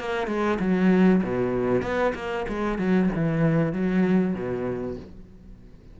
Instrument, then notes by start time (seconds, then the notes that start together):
cello
0.00 A#3
0.27 G#3
0.60 F#3
1.23 B2
1.82 B3
2.15 A#3
2.49 G#3
2.78 F#3
3.15 E3
3.73 F#3
4.34 B2